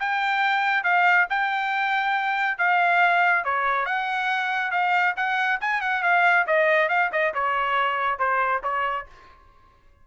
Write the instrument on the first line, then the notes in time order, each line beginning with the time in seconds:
trumpet
0.00 G5
0.84 F5
1.30 G5
2.58 F5
3.45 C#5
3.86 F#5
4.72 F5
5.17 F#5
5.61 G#5
5.82 F#5
6.03 F5
6.47 D#5
6.89 F5
7.12 D#5
7.34 C#5
8.19 C5
8.64 C#5